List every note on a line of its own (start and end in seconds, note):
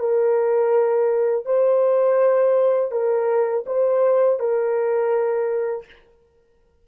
0.00 1.46 A#4
1.46 2.92 C5
2.92 3.65 A#4
3.67 4.40 C5
4.40 5.86 A#4